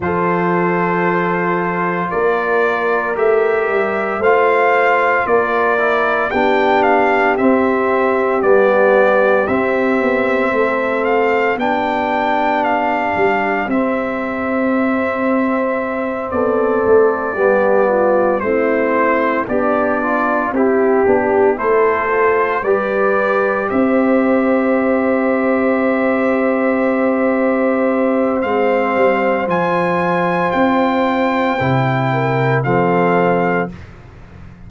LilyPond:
<<
  \new Staff \with { instrumentName = "trumpet" } { \time 4/4 \tempo 4 = 57 c''2 d''4 e''4 | f''4 d''4 g''8 f''8 e''4 | d''4 e''4. f''8 g''4 | f''4 e''2~ e''8 d''8~ |
d''4. c''4 d''4 g'8~ | g'8 c''4 d''4 e''4.~ | e''2. f''4 | gis''4 g''2 f''4 | }
  \new Staff \with { instrumentName = "horn" } { \time 4/4 a'2 ais'2 | c''4 ais'4 g'2~ | g'2 a'4 g'4~ | g'2.~ g'8 a'8~ |
a'8 g'8 f'8 e'4 d'4 g'8~ | g'8 a'4 b'4 c''4.~ | c''1~ | c''2~ c''8 ais'8 a'4 | }
  \new Staff \with { instrumentName = "trombone" } { \time 4/4 f'2. g'4 | f'4. e'8 d'4 c'4 | b4 c'2 d'4~ | d'4 c'2.~ |
c'8 b4 c'4 g'8 f'8 e'8 | d'8 e'8 f'8 g'2~ g'8~ | g'2. c'4 | f'2 e'4 c'4 | }
  \new Staff \with { instrumentName = "tuba" } { \time 4/4 f2 ais4 a8 g8 | a4 ais4 b4 c'4 | g4 c'8 b8 a4 b4~ | b8 g8 c'2~ c'8 b8 |
a8 g4 a4 b4 c'8 | b8 a4 g4 c'4.~ | c'2. gis8 g8 | f4 c'4 c4 f4 | }
>>